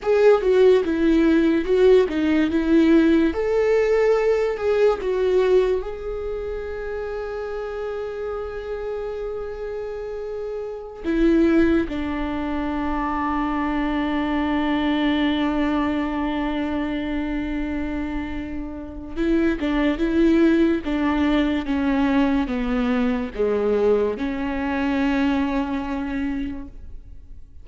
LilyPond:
\new Staff \with { instrumentName = "viola" } { \time 4/4 \tempo 4 = 72 gis'8 fis'8 e'4 fis'8 dis'8 e'4 | a'4. gis'8 fis'4 gis'4~ | gis'1~ | gis'4~ gis'16 e'4 d'4.~ d'16~ |
d'1~ | d'2. e'8 d'8 | e'4 d'4 cis'4 b4 | gis4 cis'2. | }